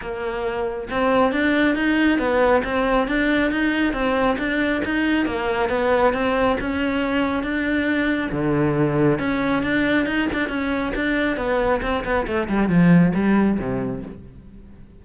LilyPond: \new Staff \with { instrumentName = "cello" } { \time 4/4 \tempo 4 = 137 ais2 c'4 d'4 | dis'4 b4 c'4 d'4 | dis'4 c'4 d'4 dis'4 | ais4 b4 c'4 cis'4~ |
cis'4 d'2 d4~ | d4 cis'4 d'4 dis'8 d'8 | cis'4 d'4 b4 c'8 b8 | a8 g8 f4 g4 c4 | }